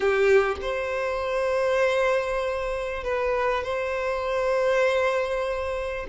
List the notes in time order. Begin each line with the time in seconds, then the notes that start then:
0.00 G4
0.61 C5
3.03 B4
3.63 C5